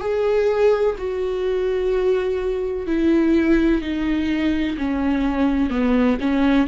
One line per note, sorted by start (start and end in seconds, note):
0.00 0.95 G#4
0.98 2.87 F#4
2.87 3.81 E4
3.81 4.77 D#4
4.77 5.70 C#4
5.70 6.17 B3
6.20 6.67 C#4